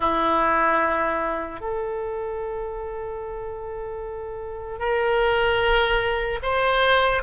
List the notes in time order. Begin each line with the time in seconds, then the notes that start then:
0.00 E4
1.60 A4
4.79 A#4
6.42 C5